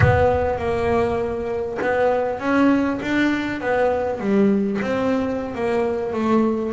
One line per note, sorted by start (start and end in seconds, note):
0.00 0.58 B3
0.58 1.78 A#3
1.81 2.39 B3
2.39 2.99 C#4
3.02 3.60 D4
3.60 4.19 B3
4.19 4.79 G3
4.81 5.54 C4
5.54 6.13 A#3
6.13 6.72 A3